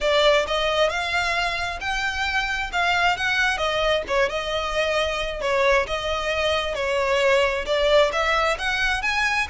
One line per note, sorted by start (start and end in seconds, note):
0.01 0.46 D5
0.47 0.89 D#5
0.89 1.79 F5
1.80 2.70 G5
2.72 3.16 F5
3.16 3.57 F#5
3.57 4.02 D#5
4.07 4.29 C#5
4.29 5.41 D#5
5.41 5.86 C#5
5.86 6.74 D#5
6.74 7.65 C#5
7.66 8.11 D5
8.12 8.57 E5
8.58 9.02 F#5
9.02 9.47 G#5